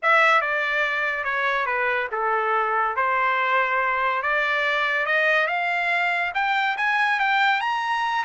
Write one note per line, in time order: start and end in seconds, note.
0.02 0.41 E5
0.41 1.24 D5
1.24 1.65 C#5
1.65 2.08 B4
2.11 2.96 A4
2.96 4.22 C5
4.22 5.06 D5
5.06 5.47 D#5
5.47 6.31 F5
6.34 6.76 G5
6.77 7.19 G#5
7.19 7.61 G5
7.61 8.24 A#5